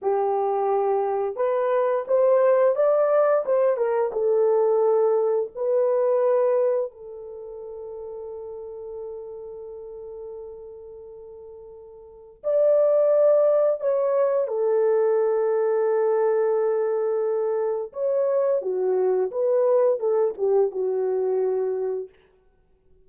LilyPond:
\new Staff \with { instrumentName = "horn" } { \time 4/4 \tempo 4 = 87 g'2 b'4 c''4 | d''4 c''8 ais'8 a'2 | b'2 a'2~ | a'1~ |
a'2 d''2 | cis''4 a'2.~ | a'2 cis''4 fis'4 | b'4 a'8 g'8 fis'2 | }